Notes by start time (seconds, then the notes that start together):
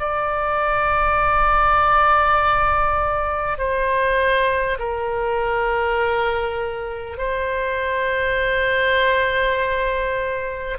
0.00 D5
3.58 C5
4.79 A#4
7.18 C5